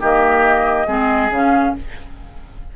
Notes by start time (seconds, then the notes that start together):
0.00 D#3 A#3 G4 D#5
0.87 G#3 C4 G#4
1.30 C#3 C#4 F5